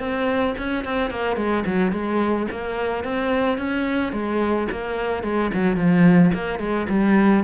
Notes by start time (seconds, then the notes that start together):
0.00 C4
0.58 C#4
0.85 C4
1.11 A#3
1.37 G#3
1.66 F#3
1.92 G#3
2.51 A#3
3.04 C4
3.58 C#4
4.13 G#3
4.71 A#3
5.24 G#3
5.54 F#3
5.76 F3
6.34 A#3
6.59 G#3
6.89 G3